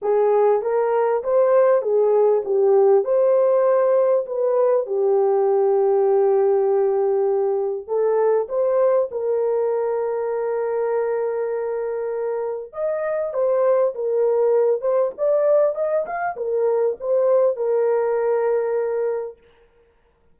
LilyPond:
\new Staff \with { instrumentName = "horn" } { \time 4/4 \tempo 4 = 99 gis'4 ais'4 c''4 gis'4 | g'4 c''2 b'4 | g'1~ | g'4 a'4 c''4 ais'4~ |
ais'1~ | ais'4 dis''4 c''4 ais'4~ | ais'8 c''8 d''4 dis''8 f''8 ais'4 | c''4 ais'2. | }